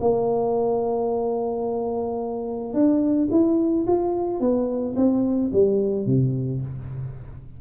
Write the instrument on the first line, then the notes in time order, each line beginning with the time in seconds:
tuba
0.00 A#3
2.73 D4
3.31 E4
3.87 F4
4.40 B3
4.96 C4
5.52 G3
6.06 C3